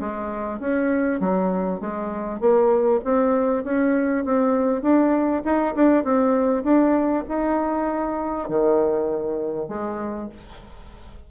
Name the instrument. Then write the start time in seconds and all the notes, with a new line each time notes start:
bassoon
0.00 G#3
0.60 C#4
1.20 F#3
1.80 G#3
2.40 A#3
3.04 C4
3.64 C#4
4.25 C4
4.82 D4
5.45 D#4
5.75 D4
6.04 C4
6.63 D4
7.28 D#4
8.49 D#3
9.69 G#3